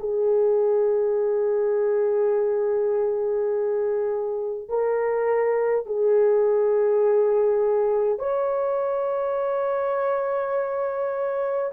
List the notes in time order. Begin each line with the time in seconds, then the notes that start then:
0.00 G#4
4.69 A#4
5.86 G#4
8.19 C#5